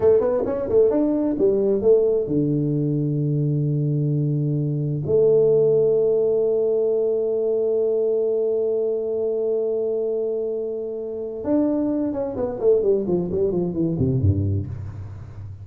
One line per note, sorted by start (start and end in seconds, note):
0.00 0.20 A3
0.20 0.43 B3
0.45 0.68 C#4
0.69 0.90 A3
0.90 1.36 D4
1.39 1.81 G3
1.81 2.27 A3
2.27 5.02 D3
5.05 11.44 A3
11.44 12.12 D4
12.12 12.35 C#4
12.36 12.59 B3
12.60 12.82 A3
12.82 13.05 G3
13.07 13.30 F3
13.31 13.51 G3
13.51 13.73 F3
13.73 13.96 E3
13.98 14.20 C3
14.20 14.66 G2